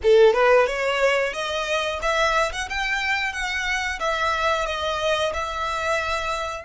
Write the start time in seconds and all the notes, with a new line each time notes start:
0.02 A4
0.33 B4
0.66 C#5
1.33 D#5
2.02 E5
2.52 F#5
2.68 G5
3.32 F#5
3.99 E5
4.65 D#5
5.33 E5